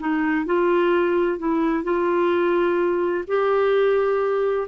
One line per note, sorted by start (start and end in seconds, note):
0.00 0.46 D#4
0.46 1.39 F4
1.39 1.84 E4
1.84 3.25 F4
3.28 4.68 G4